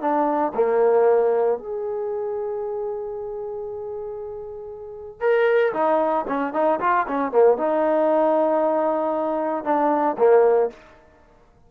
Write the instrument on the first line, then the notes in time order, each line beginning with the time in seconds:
trombone
0.00 D4
0.54 A#3
1.58 G#4
5.20 A#4
5.73 D#4
6.27 C#4
6.53 D#4
6.80 F4
7.07 C#4
7.31 A#3
7.57 D#4
9.64 D4
10.17 A#3